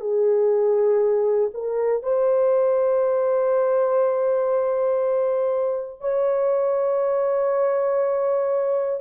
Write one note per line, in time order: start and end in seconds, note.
0.00 1.50 G#4
1.54 2.02 A#4
2.02 6.00 C5
6.00 9.00 C#5